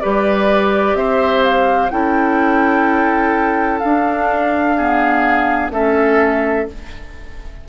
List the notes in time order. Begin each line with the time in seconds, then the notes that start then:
0.00 G3 G4 B4 D5
0.94 C4 C5 E5
1.44 F5
1.89 C#4 E4 A4 G5
3.79 D4 F5
4.76 B3 G#4
5.70 A3 C#4 A4 E5